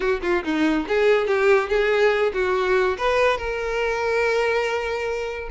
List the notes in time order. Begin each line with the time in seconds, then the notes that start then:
0.00 F#4
0.22 F4
0.44 D#4
0.87 G#4
1.27 G4
1.69 G#4
2.33 F#4
2.97 B4
3.37 A#4